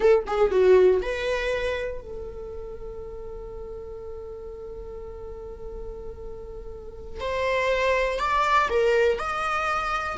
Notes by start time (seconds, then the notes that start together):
0.00 A4
0.27 G#4
0.51 F#4
1.02 B4
2.01 A4
7.20 C5
8.19 D5
8.69 A#4
9.18 D#5